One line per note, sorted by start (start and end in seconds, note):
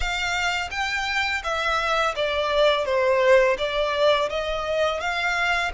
0.00 0.69 F5
0.70 1.42 G5
1.43 2.15 E5
2.15 2.85 D5
2.85 3.56 C5
3.57 4.29 D5
4.29 5.00 D#5
5.00 5.71 F5